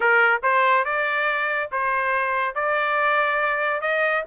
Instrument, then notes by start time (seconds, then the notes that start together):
trumpet
0.00 A#4
0.43 C5
0.85 D5
1.71 C5
2.54 D5
3.81 D#5